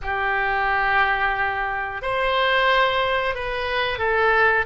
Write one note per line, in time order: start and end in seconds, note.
0.02 2.02 G4
2.02 3.34 C5
3.34 3.98 B4
3.98 4.65 A4